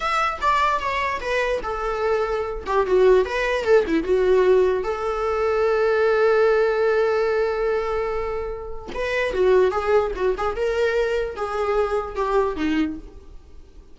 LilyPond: \new Staff \with { instrumentName = "viola" } { \time 4/4 \tempo 4 = 148 e''4 d''4 cis''4 b'4 | a'2~ a'8 g'8 fis'4 | b'4 a'8 e'8 fis'2 | a'1~ |
a'1~ | a'2 b'4 fis'4 | gis'4 fis'8 gis'8 ais'2 | gis'2 g'4 dis'4 | }